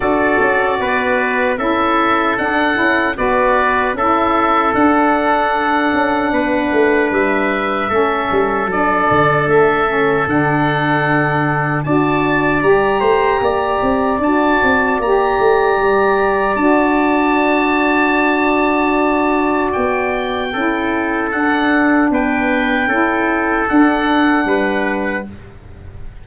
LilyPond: <<
  \new Staff \with { instrumentName = "oboe" } { \time 4/4 \tempo 4 = 76 d''2 e''4 fis''4 | d''4 e''4 fis''2~ | fis''4 e''2 d''4 | e''4 fis''2 a''4 |
ais''2 a''4 ais''4~ | ais''4 a''2.~ | a''4 g''2 fis''4 | g''2 fis''2 | }
  \new Staff \with { instrumentName = "trumpet" } { \time 4/4 a'4 b'4 a'2 | b'4 a'2. | b'2 a'2~ | a'2. d''4~ |
d''8 c''8 d''2.~ | d''1~ | d''2 a'2 | b'4 a'2 b'4 | }
  \new Staff \with { instrumentName = "saxophone" } { \time 4/4 fis'2 e'4 d'8 e'8 | fis'4 e'4 d'2~ | d'2 cis'4 d'4~ | d'8 cis'8 d'2 fis'4 |
g'2 fis'4 g'4~ | g'4 fis'2.~ | fis'2 e'4 d'4~ | d'4 e'4 d'2 | }
  \new Staff \with { instrumentName = "tuba" } { \time 4/4 d'8 cis'8 b4 cis'4 d'8 cis'8 | b4 cis'4 d'4. cis'8 | b8 a8 g4 a8 g8 fis8 d8 | a4 d2 d'4 |
g8 a8 ais8 c'8 d'8 c'8 ais8 a8 | g4 d'2.~ | d'4 b4 cis'4 d'4 | b4 cis'4 d'4 g4 | }
>>